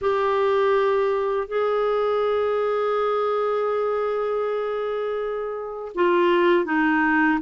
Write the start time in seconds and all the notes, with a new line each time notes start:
0.01 G4
1.47 G#4
5.94 F4
6.65 D#4